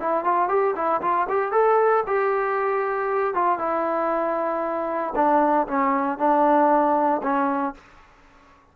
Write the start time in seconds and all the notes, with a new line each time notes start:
0.00 E4
0.24 F4
0.49 G4
0.76 E4
1.02 F4
1.29 G4
1.52 A4
2.07 G4
3.35 F4
3.59 E4
5.16 D4
5.68 C#4
6.18 D4
7.23 C#4